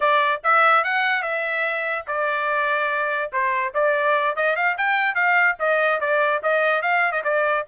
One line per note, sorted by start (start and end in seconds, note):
0.00 0.41 D5
0.43 0.84 E5
0.84 1.22 F#5
1.22 2.05 E5
2.07 3.31 D5
3.32 3.73 C5
3.74 4.36 D5
4.36 4.56 D#5
4.56 4.76 F5
4.77 5.14 G5
5.14 5.56 F5
5.59 6.00 D#5
6.00 6.41 D5
6.42 6.82 D#5
6.82 7.12 F5
7.12 7.22 D#5
7.24 7.65 D5